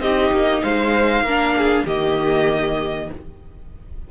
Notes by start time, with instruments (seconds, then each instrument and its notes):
0.00 cello C4, viola D#4, violin G4 D#5
0.32 cello A#3
0.63 cello G#3, violin C5 F5
1.22 cello A#3, viola D4, violin A#4
1.57 violin G#4
1.86 cello D#3, viola A#3, violin G4 D#5